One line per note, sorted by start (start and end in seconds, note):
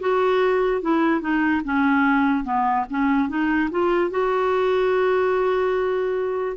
0.00 0.82 F#4
0.82 1.21 E4
1.21 1.62 D#4
1.64 2.44 C#4
2.44 2.85 B3
2.90 3.29 C#4
3.29 3.70 D#4
3.71 4.10 F4
4.10 6.57 F#4